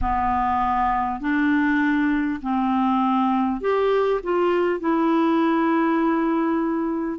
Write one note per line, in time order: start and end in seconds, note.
0.01 1.20 B3
1.20 2.40 D4
2.42 3.60 C4
3.60 4.20 G4
4.23 4.80 F4
4.80 7.19 E4